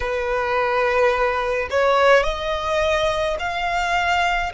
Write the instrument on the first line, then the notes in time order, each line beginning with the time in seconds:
violin
0.00 B4
1.70 C#5
2.23 D#5
3.39 F5